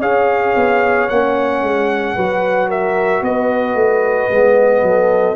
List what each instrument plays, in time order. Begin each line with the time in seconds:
0.00 tuba C#4, trombone G#4, horn C#5, trumpet F5
0.56 tuba B3
1.09 tuba A#3, trombone C#4, trumpet F#5
1.62 tuba G#3
2.15 tuba F#3, trombone F#4, horn B4
2.68 horn A#4, trumpet E5
3.22 tuba B3, horn B4, trumpet D#5
3.74 tuba A3
4.30 tuba G#3, trombone B3
4.82 tuba F#3, horn A4